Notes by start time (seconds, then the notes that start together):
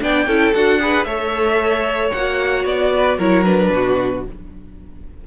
0.00 B3 D4 D5 G5
0.26 C#4 E4 A4
0.54 D4 F#4 F#5
0.80 G#4 B4
1.04 A3 A4 C#5 E5
2.12 A#3 F#4 F#5
2.64 B3 D5
2.96 B4
3.17 F#3 E4 A#4 C#5
3.44 D4 B4
3.70 B2 F#4